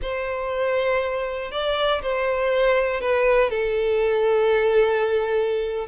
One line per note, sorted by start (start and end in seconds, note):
0.02 1.51 C5
1.51 2.01 D5
2.02 3.00 C5
3.00 3.50 B4
3.50 5.87 A4